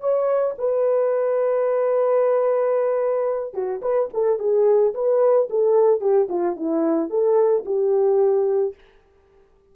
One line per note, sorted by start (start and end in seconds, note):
0.00 0.55 C#5
0.58 3.54 B4
3.54 3.81 F#4
3.82 4.09 B4
4.13 4.39 A4
4.39 4.94 G#4
4.94 5.48 B4
5.49 6.00 A4
6.00 6.28 G4
6.29 6.56 F4
6.56 7.10 E4
7.10 7.64 A4
7.65 8.74 G4